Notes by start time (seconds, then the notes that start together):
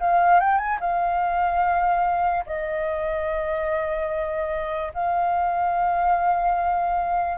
0.00 F5
0.40 G5
0.58 G#5
0.81 F5
2.46 D#5
4.94 F5